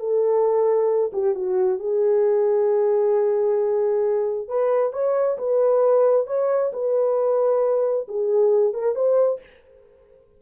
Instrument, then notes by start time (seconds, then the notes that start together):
horn
0.00 A4
1.13 G4
1.35 F#4
1.80 G#4
4.49 B4
4.93 C#5
5.38 B4
6.27 C#5
6.73 B4
8.09 G#4
8.74 A#4
8.96 C5